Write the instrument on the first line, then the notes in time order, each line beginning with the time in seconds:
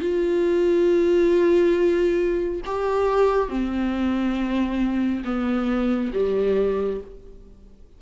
viola
0.00 F4
2.65 G4
3.49 C4
5.24 B3
6.13 G3